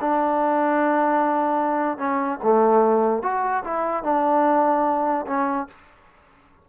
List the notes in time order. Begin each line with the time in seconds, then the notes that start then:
0.00 D4
1.98 C#4
2.43 A3
3.22 F#4
3.64 E4
4.03 D4
5.26 C#4